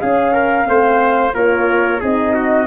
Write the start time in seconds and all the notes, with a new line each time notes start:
0.00 C#4 G#4 F5
0.33 A#4
0.65 A3 C4 C5
1.34 A#3 F4 A#4 C#5
2.00 C4 D#4 G#4 D#5
2.34 F#4